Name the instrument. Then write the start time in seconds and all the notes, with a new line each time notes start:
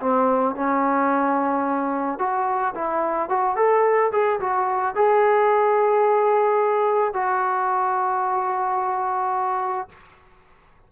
trombone
0.00 C4
0.55 C#4
2.19 F#4
2.75 E4
3.29 F#4
3.56 A4
4.12 G#4
4.40 F#4
4.95 G#4
7.13 F#4